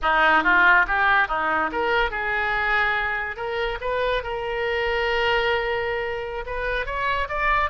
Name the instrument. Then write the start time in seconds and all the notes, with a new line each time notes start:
oboe
0.02 D#4
0.43 F4
0.87 G4
1.28 D#4
1.72 A#4
2.10 G#4
3.36 A#4
3.80 B4
4.23 A#4
6.46 B4
6.85 C#5
7.28 D5